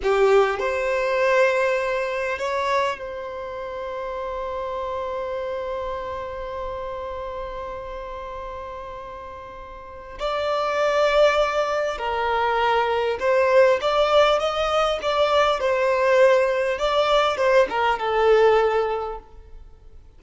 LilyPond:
\new Staff \with { instrumentName = "violin" } { \time 4/4 \tempo 4 = 100 g'4 c''2. | cis''4 c''2.~ | c''1~ | c''1~ |
c''4 d''2. | ais'2 c''4 d''4 | dis''4 d''4 c''2 | d''4 c''8 ais'8 a'2 | }